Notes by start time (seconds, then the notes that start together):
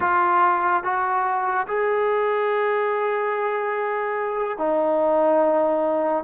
0.00 F4
0.83 F#4
1.67 G#4
4.58 D#4